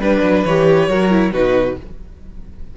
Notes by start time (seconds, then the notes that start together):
0.00 G3 D4 B4
0.23 F#3
0.45 E3 G4 C#5
0.88 F#3 F#4 A#4
1.11 E4
1.32 B2 D#4 F#4 B4